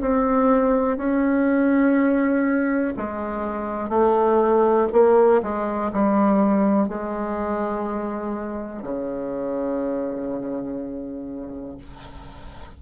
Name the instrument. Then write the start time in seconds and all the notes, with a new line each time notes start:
bassoon
0.00 C4
0.97 C#4
2.97 G#3
3.89 A3
4.92 A#3
5.42 G#3
5.92 G3
6.89 G#3
8.82 C#3